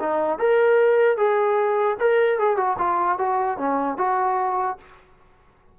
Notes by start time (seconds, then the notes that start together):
0.00 D#4
0.39 A#4
1.17 G#4
2.00 A#4
2.39 G#4
2.57 F#4
2.79 F4
3.19 F#4
3.58 C#4
3.98 F#4